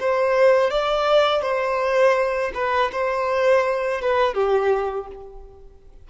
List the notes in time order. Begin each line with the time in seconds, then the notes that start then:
0.00 C5
0.70 D5
1.42 C5
2.54 B4
2.92 C5
4.01 B4
4.34 G4